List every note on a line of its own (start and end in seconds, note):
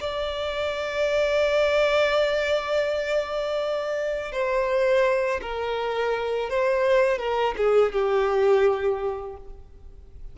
0.00 4.32 D5
4.32 5.41 C5
5.42 6.50 A#4
6.50 7.19 C5
7.19 7.55 A#4
7.57 7.93 G#4
7.93 9.37 G4